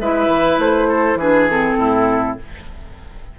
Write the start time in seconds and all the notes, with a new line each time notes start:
0.00 G#3 E4 B4 E5
0.28 E3
0.59 A3 C5
0.89 A4
1.15 E3 D4 G#4 B4
1.50 C4 A4
1.78 A2 E4